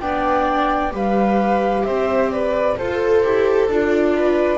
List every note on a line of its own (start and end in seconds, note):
0.00 0.92 B3
0.00 0.91 D4
0.00 0.93 D5
0.00 0.92 G5
0.91 1.85 G3
0.91 2.76 G4
0.91 1.85 B4
0.91 1.84 F5
1.84 2.77 C4
1.84 2.32 C5
1.84 2.30 E5
2.31 2.78 B4
2.31 2.77 D5
2.77 3.24 F4
2.77 3.23 A4
2.77 4.16 A4
2.77 3.70 C5
3.23 3.68 E4
3.23 3.70 G4
3.68 4.58 D4
3.68 4.58 F4
3.68 4.58 D5
4.16 4.58 B4